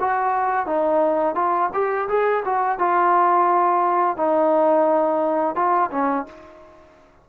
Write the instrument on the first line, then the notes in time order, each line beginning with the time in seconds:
trombone
0.00 F#4
0.66 D#4
1.35 F4
1.73 G4
2.09 G#4
2.45 F#4
2.79 F4
4.17 D#4
5.56 F4
5.91 C#4